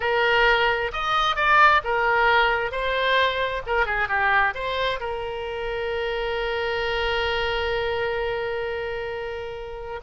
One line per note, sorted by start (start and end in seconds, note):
0.00 0.91 A#4
0.92 1.36 D#5
1.36 1.81 D5
1.83 2.71 A#4
2.71 3.62 C5
3.66 3.85 A#4
3.85 4.08 G#4
4.08 4.53 G4
4.54 4.99 C5
5.00 10.00 A#4